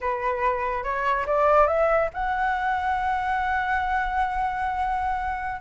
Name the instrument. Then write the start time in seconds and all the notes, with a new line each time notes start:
flute
0.00 B4
0.83 C#5
1.26 D5
1.67 E5
2.13 F#5